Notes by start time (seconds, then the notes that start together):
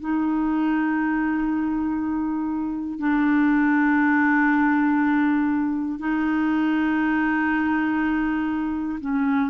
0.00 D#4
2.99 D4
5.99 D#4
9.00 C#4